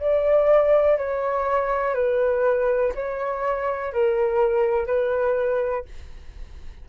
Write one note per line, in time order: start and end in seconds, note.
0.00 0.98 D5
0.98 1.95 C#5
1.95 2.93 B4
2.96 3.93 C#5
3.93 4.87 A#4
4.87 5.85 B4